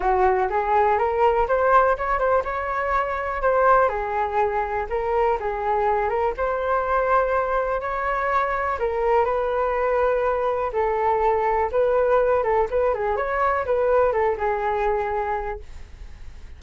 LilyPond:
\new Staff \with { instrumentName = "flute" } { \time 4/4 \tempo 4 = 123 fis'4 gis'4 ais'4 c''4 | cis''8 c''8 cis''2 c''4 | gis'2 ais'4 gis'4~ | gis'8 ais'8 c''2. |
cis''2 ais'4 b'4~ | b'2 a'2 | b'4. a'8 b'8 gis'8 cis''4 | b'4 a'8 gis'2~ gis'8 | }